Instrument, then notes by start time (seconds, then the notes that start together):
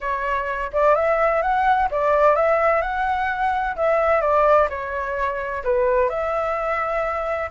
flute
0.00 C#5
0.72 D5
0.95 E5
1.42 F#5
1.90 D5
2.35 E5
2.81 F#5
3.76 E5
4.21 D5
4.69 C#5
5.64 B4
6.09 E5